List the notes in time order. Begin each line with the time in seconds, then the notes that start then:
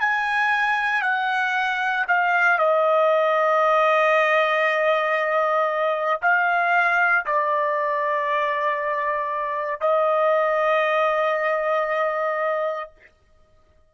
0.00 G#5
1.02 F#5
2.07 F5
2.58 D#5
6.22 F5
7.26 D5
9.80 D#5